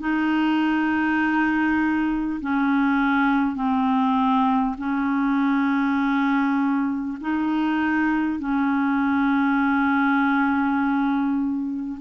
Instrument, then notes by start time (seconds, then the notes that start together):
clarinet
0.00 D#4
2.41 C#4
3.56 C4
4.78 C#4
7.21 D#4
8.39 C#4